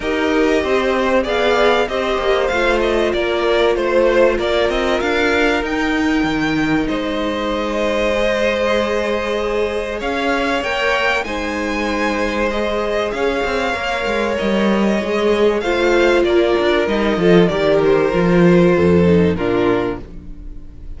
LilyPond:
<<
  \new Staff \with { instrumentName = "violin" } { \time 4/4 \tempo 4 = 96 dis''2 f''4 dis''4 | f''8 dis''8 d''4 c''4 d''8 dis''8 | f''4 g''2 dis''4~ | dis''1 |
f''4 g''4 gis''2 | dis''4 f''2 dis''4~ | dis''4 f''4 d''4 dis''4 | d''8 c''2~ c''8 ais'4 | }
  \new Staff \with { instrumentName = "violin" } { \time 4/4 ais'4 c''4 d''4 c''4~ | c''4 ais'4 c''4 ais'4~ | ais'2. c''4~ | c''1 |
cis''2 c''2~ | c''4 cis''2.~ | cis''4 c''4 ais'4. a'8 | ais'2 a'4 f'4 | }
  \new Staff \with { instrumentName = "viola" } { \time 4/4 g'2 gis'4 g'4 | f'1~ | f'4 dis'2.~ | dis'4 gis'2.~ |
gis'4 ais'4 dis'2 | gis'2 ais'2 | gis'4 f'2 dis'8 f'8 | g'4 f'4. dis'8 d'4 | }
  \new Staff \with { instrumentName = "cello" } { \time 4/4 dis'4 c'4 b4 c'8 ais8 | a4 ais4 a4 ais8 c'8 | d'4 dis'4 dis4 gis4~ | gis1 |
cis'4 ais4 gis2~ | gis4 cis'8 c'8 ais8 gis8 g4 | gis4 a4 ais8 d'8 g8 f8 | dis4 f4 f,4 ais,4 | }
>>